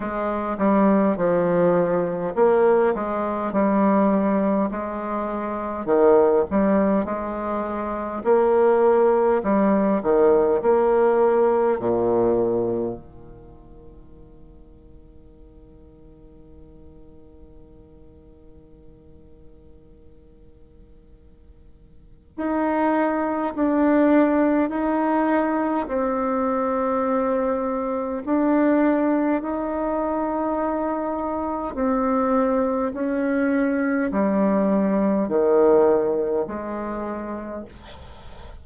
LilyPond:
\new Staff \with { instrumentName = "bassoon" } { \time 4/4 \tempo 4 = 51 gis8 g8 f4 ais8 gis8 g4 | gis4 dis8 g8 gis4 ais4 | g8 dis8 ais4 ais,4 dis4~ | dis1~ |
dis2. dis'4 | d'4 dis'4 c'2 | d'4 dis'2 c'4 | cis'4 g4 dis4 gis4 | }